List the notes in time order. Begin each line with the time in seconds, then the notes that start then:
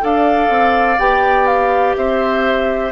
0.00 D4 A4 D5 F5
0.50 C4
0.99 B3 G4 G5
1.47 F5
1.96 C4 C5 E5